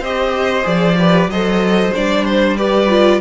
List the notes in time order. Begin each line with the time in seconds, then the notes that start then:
0.00 C4 G4 C5 D#5
0.62 F3 G#4 D5
0.98 G4 B4
1.27 F#3 A4 C5 D#5
1.94 G3 D4 D5
2.24 C5
2.57 G4 B4 D5
2.89 F4